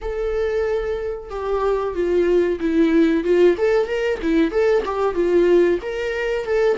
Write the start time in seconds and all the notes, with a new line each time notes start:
0.01 A4
1.29 G4
1.94 F4
2.60 E4
3.24 F4
3.57 A4
3.87 A#4
4.22 E4
4.51 A4
4.85 G4
5.14 F4
5.82 A#4
6.45 A4